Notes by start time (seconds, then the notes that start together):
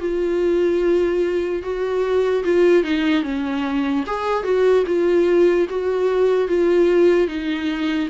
0.00 F4
1.63 F#4
2.44 F4
2.84 D#4
3.23 C#4
4.07 G#4
4.44 F#4
4.86 F4
5.69 F#4
6.48 F4
7.28 D#4